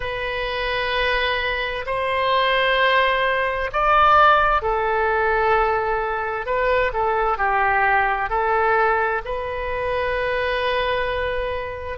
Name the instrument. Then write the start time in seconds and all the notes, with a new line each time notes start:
oboe
0.00 B4
1.86 C5
3.72 D5
4.62 A4
6.46 B4
6.93 A4
7.37 G4
8.29 A4
9.24 B4